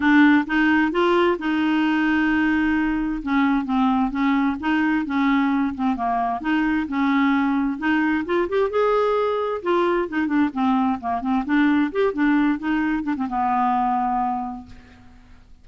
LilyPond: \new Staff \with { instrumentName = "clarinet" } { \time 4/4 \tempo 4 = 131 d'4 dis'4 f'4 dis'4~ | dis'2. cis'4 | c'4 cis'4 dis'4 cis'4~ | cis'8 c'8 ais4 dis'4 cis'4~ |
cis'4 dis'4 f'8 g'8 gis'4~ | gis'4 f'4 dis'8 d'8 c'4 | ais8 c'8 d'4 g'8 d'4 dis'8~ | dis'8 d'16 c'16 b2. | }